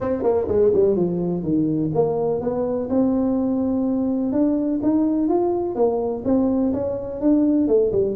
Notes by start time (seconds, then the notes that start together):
0.00 C4
0.23 A#3
0.48 G#3
0.73 G3
0.96 F3
1.42 D#3
1.94 A#3
2.40 B3
2.89 C4
4.32 D4
4.82 D#4
5.28 F4
5.75 A#3
6.24 C4
6.73 C#4
7.20 D4
7.67 A3
7.92 G3